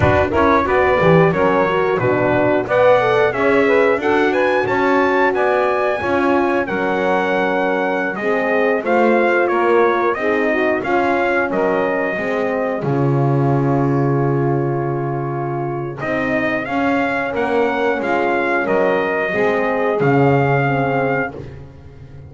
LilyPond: <<
  \new Staff \with { instrumentName = "trumpet" } { \time 4/4 \tempo 4 = 90 b'8 cis''8 d''4 cis''4 b'4 | fis''4 e''4 fis''8 gis''8 a''4 | gis''2 fis''2~ | fis''16 dis''4 f''4 cis''4 dis''8.~ |
dis''16 f''4 dis''2 cis''8.~ | cis''1 | dis''4 f''4 fis''4 f''4 | dis''2 f''2 | }
  \new Staff \with { instrumentName = "saxophone" } { \time 4/4 fis'8 ais'8 b'4 ais'4 fis'4 | d''4 cis''8 b'8 a'8 b'8 cis''4 | d''4 cis''4 ais'2~ | ais'16 gis'4 c''4 ais'4 gis'8 fis'16~ |
fis'16 f'4 ais'4 gis'4.~ gis'16~ | gis'1~ | gis'2 ais'4 f'4 | ais'4 gis'2. | }
  \new Staff \with { instrumentName = "horn" } { \time 4/4 d'8 e'8 fis'8 g'8 cis'8 fis'8 d'4 | b'8 a'8 gis'4 fis'2~ | fis'4 f'4 cis'2~ | cis'16 c'4 f'2 dis'8.~ |
dis'16 cis'2 c'4 f'8.~ | f'1 | dis'4 cis'2.~ | cis'4 c'4 cis'4 c'4 | }
  \new Staff \with { instrumentName = "double bass" } { \time 4/4 d'8 cis'8 b8 e8 fis4 b,4 | b4 cis'4 d'4 cis'4 | b4 cis'4 fis2~ | fis16 gis4 a4 ais4 c'8.~ |
c'16 cis'4 fis4 gis4 cis8.~ | cis1 | c'4 cis'4 ais4 gis4 | fis4 gis4 cis2 | }
>>